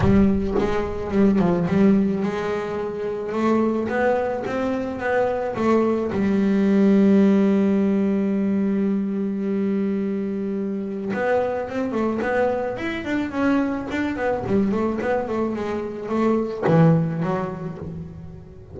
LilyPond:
\new Staff \with { instrumentName = "double bass" } { \time 4/4 \tempo 4 = 108 g4 gis4 g8 f8 g4 | gis2 a4 b4 | c'4 b4 a4 g4~ | g1~ |
g1 | b4 c'8 a8 b4 e'8 d'8 | cis'4 d'8 b8 g8 a8 b8 a8 | gis4 a4 e4 fis4 | }